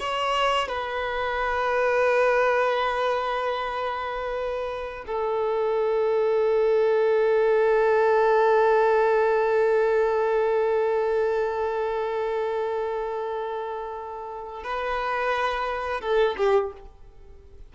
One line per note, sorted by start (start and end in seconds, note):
0.00 0.69 C#5
0.69 5.05 B4
5.07 14.64 A4
14.64 16.01 B4
16.01 16.36 A4
16.38 16.73 G4